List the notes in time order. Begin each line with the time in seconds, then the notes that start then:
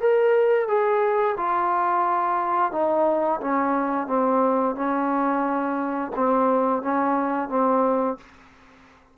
0.00 A#4
0.68 G#4
1.37 F4
2.71 D#4
3.40 C#4
4.07 C4
4.75 C#4
6.15 C4
6.82 C#4
7.49 C4